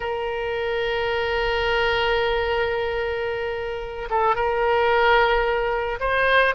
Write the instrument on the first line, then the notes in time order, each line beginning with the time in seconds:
oboe
0.00 A#4
4.10 A4
4.35 A#4
6.00 C5